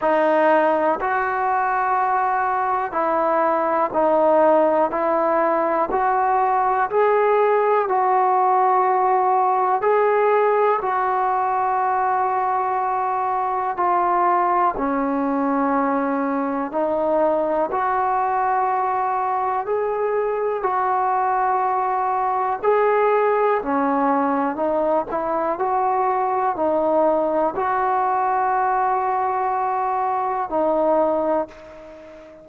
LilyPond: \new Staff \with { instrumentName = "trombone" } { \time 4/4 \tempo 4 = 61 dis'4 fis'2 e'4 | dis'4 e'4 fis'4 gis'4 | fis'2 gis'4 fis'4~ | fis'2 f'4 cis'4~ |
cis'4 dis'4 fis'2 | gis'4 fis'2 gis'4 | cis'4 dis'8 e'8 fis'4 dis'4 | fis'2. dis'4 | }